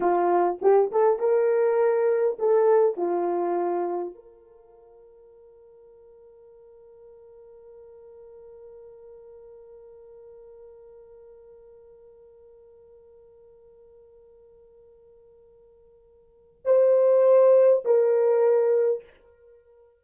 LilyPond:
\new Staff \with { instrumentName = "horn" } { \time 4/4 \tempo 4 = 101 f'4 g'8 a'8 ais'2 | a'4 f'2 ais'4~ | ais'1~ | ais'1~ |
ais'1~ | ais'1~ | ais'1 | c''2 ais'2 | }